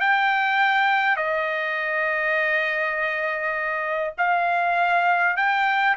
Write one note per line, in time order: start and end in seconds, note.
0.00 1.16 G5
1.16 4.13 D#5
4.18 5.37 F5
5.37 5.96 G5